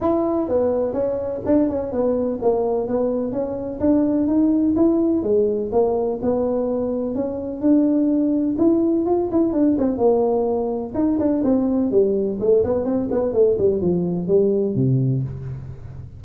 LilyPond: \new Staff \with { instrumentName = "tuba" } { \time 4/4 \tempo 4 = 126 e'4 b4 cis'4 d'8 cis'8 | b4 ais4 b4 cis'4 | d'4 dis'4 e'4 gis4 | ais4 b2 cis'4 |
d'2 e'4 f'8 e'8 | d'8 c'8 ais2 dis'8 d'8 | c'4 g4 a8 b8 c'8 b8 | a8 g8 f4 g4 c4 | }